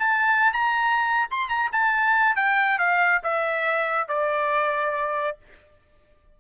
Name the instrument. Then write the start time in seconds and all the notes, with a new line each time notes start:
trumpet
0.00 A5
0.53 A#5
1.31 C6
1.50 A#5
1.72 A5
2.36 G5
2.79 F5
3.24 E5
4.09 D5